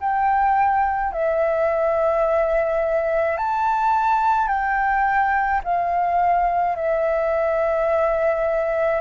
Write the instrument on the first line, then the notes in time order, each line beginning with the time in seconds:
flute
0.00 G5
1.12 E5
3.38 A5
4.48 G5
5.64 F5
6.76 E5